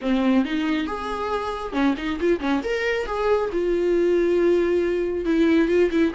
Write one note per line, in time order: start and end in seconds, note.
0.01 0.44 C4
0.44 0.87 D#4
0.87 1.72 G#4
1.72 1.94 C#4
1.97 2.19 D#4
2.20 2.39 F4
2.39 2.61 C#4
2.63 3.06 A#4
3.06 3.50 G#4
3.52 5.25 F4
5.25 5.68 E4
5.68 5.89 F4
5.91 6.13 E4